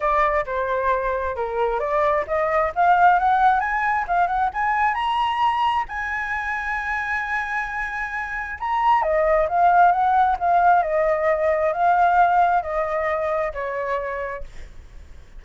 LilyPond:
\new Staff \with { instrumentName = "flute" } { \time 4/4 \tempo 4 = 133 d''4 c''2 ais'4 | d''4 dis''4 f''4 fis''4 | gis''4 f''8 fis''8 gis''4 ais''4~ | ais''4 gis''2.~ |
gis''2. ais''4 | dis''4 f''4 fis''4 f''4 | dis''2 f''2 | dis''2 cis''2 | }